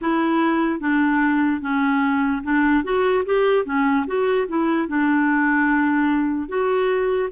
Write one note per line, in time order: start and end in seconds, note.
0.01 0.80 E4
0.80 1.61 D4
1.61 2.42 C#4
2.43 2.84 D4
2.84 3.24 F#4
3.25 3.65 G4
3.65 4.05 C#4
4.07 4.47 F#4
4.48 4.88 E4
4.88 6.48 D4
6.48 7.29 F#4